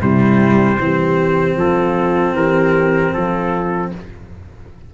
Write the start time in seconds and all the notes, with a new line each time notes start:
0.00 C3 G3 E4 C5
0.79 E3 C4 G4
1.56 F3 F4 A4
2.33 E3 G4 A#4
3.13 F3 F4 A4